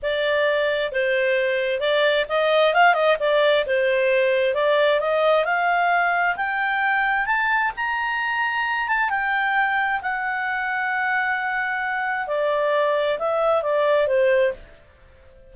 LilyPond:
\new Staff \with { instrumentName = "clarinet" } { \time 4/4 \tempo 4 = 132 d''2 c''2 | d''4 dis''4 f''8 dis''8 d''4 | c''2 d''4 dis''4 | f''2 g''2 |
a''4 ais''2~ ais''8 a''8 | g''2 fis''2~ | fis''2. d''4~ | d''4 e''4 d''4 c''4 | }